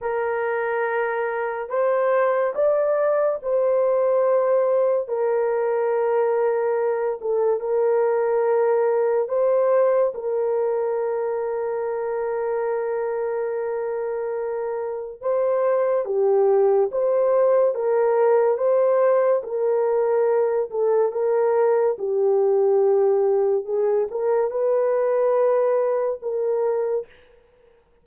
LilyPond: \new Staff \with { instrumentName = "horn" } { \time 4/4 \tempo 4 = 71 ais'2 c''4 d''4 | c''2 ais'2~ | ais'8 a'8 ais'2 c''4 | ais'1~ |
ais'2 c''4 g'4 | c''4 ais'4 c''4 ais'4~ | ais'8 a'8 ais'4 g'2 | gis'8 ais'8 b'2 ais'4 | }